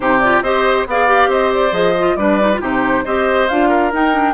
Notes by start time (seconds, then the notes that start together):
0.00 C3 D#4 G4 C5
0.20 F4 D5
0.41 C4 G4 C5 D#5
0.86 B3 G#4 D5 F5
1.06 G4
1.27 C4 C5 D#5
1.54 D5
1.71 F3 G#4 D#5
1.99 F4
2.16 G3 D4 B4 D5
2.40 D#4
2.54 F4
2.60 C3 D#4 G4 C5
3.04 C4 G4 C5 D#5
3.48 D4 F4 F5
3.68 A#4
3.92 D#4 G5
4.12 D4